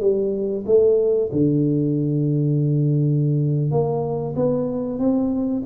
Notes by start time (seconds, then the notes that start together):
0.00 G3
0.66 A3
1.32 D3
3.71 A#3
4.35 B3
4.99 C4